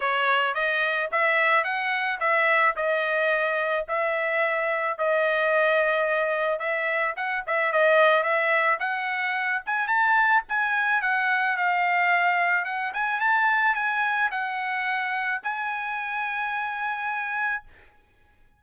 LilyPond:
\new Staff \with { instrumentName = "trumpet" } { \time 4/4 \tempo 4 = 109 cis''4 dis''4 e''4 fis''4 | e''4 dis''2 e''4~ | e''4 dis''2. | e''4 fis''8 e''8 dis''4 e''4 |
fis''4. gis''8 a''4 gis''4 | fis''4 f''2 fis''8 gis''8 | a''4 gis''4 fis''2 | gis''1 | }